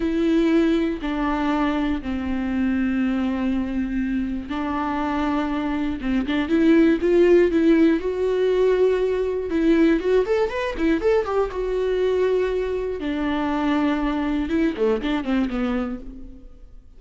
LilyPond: \new Staff \with { instrumentName = "viola" } { \time 4/4 \tempo 4 = 120 e'2 d'2 | c'1~ | c'4 d'2. | c'8 d'8 e'4 f'4 e'4 |
fis'2. e'4 | fis'8 a'8 b'8 e'8 a'8 g'8 fis'4~ | fis'2 d'2~ | d'4 e'8 a8 d'8 c'8 b4 | }